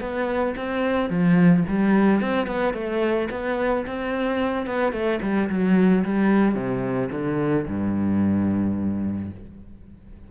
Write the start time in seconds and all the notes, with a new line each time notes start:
0.00 B3
0.56 C4
1.09 F3
1.68 G3
2.21 C4
2.46 B3
2.73 A3
3.31 B3
3.86 C4
4.66 B3
4.92 A3
5.22 G3
5.49 F#3
6.04 G3
6.54 C3
7.11 D3
7.67 G2